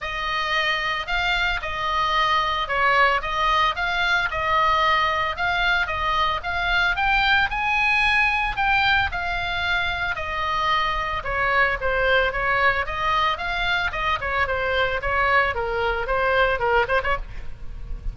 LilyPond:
\new Staff \with { instrumentName = "oboe" } { \time 4/4 \tempo 4 = 112 dis''2 f''4 dis''4~ | dis''4 cis''4 dis''4 f''4 | dis''2 f''4 dis''4 | f''4 g''4 gis''2 |
g''4 f''2 dis''4~ | dis''4 cis''4 c''4 cis''4 | dis''4 f''4 dis''8 cis''8 c''4 | cis''4 ais'4 c''4 ais'8 c''16 cis''16 | }